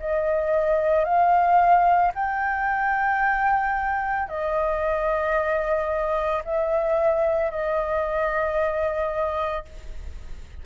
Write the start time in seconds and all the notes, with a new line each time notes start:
0.00 D#5
1.05 F5
2.15 G5
4.29 D#5
6.45 E5
7.51 D#5